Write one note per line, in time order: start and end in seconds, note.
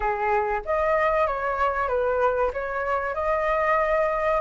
0.00 0.61 G#4
0.65 1.27 D#5
1.27 1.88 C#5
1.88 2.51 B4
2.53 3.14 C#5
3.14 4.40 D#5